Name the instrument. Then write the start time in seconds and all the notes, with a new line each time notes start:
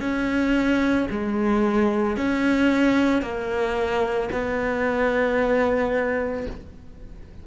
cello
0.00 C#4
1.10 G#3
2.17 C#4
3.22 A#3
4.32 B3